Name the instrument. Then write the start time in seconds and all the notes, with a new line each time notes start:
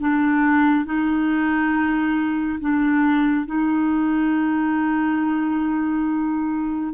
clarinet
0.00 D4
0.85 D#4
2.60 D4
3.46 D#4